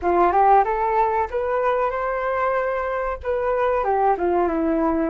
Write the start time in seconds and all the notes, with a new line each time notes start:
0.01 F4
0.32 G4
0.64 A4
1.30 B4
1.90 C5
3.23 B4
3.84 G4
4.17 F4
4.48 E4